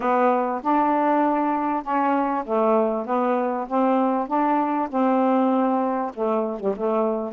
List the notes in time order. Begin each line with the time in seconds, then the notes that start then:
0.00 B3
0.62 D4
1.83 C#4
2.44 A3
3.06 B3
3.67 C4
4.27 D4
4.89 C4
6.14 A3
6.60 G3
6.76 A3